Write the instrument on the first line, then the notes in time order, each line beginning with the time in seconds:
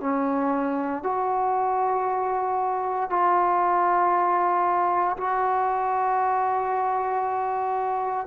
trombone
0.00 C#4
1.03 F#4
3.09 F4
5.17 F#4